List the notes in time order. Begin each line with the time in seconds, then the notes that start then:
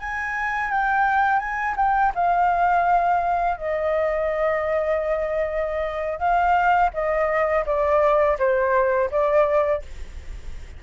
0.00 G#5
0.71 G5
1.39 G#5
1.77 G5
2.15 F5
3.57 D#5
6.19 F5
6.94 D#5
7.66 D5
8.39 C5
9.11 D5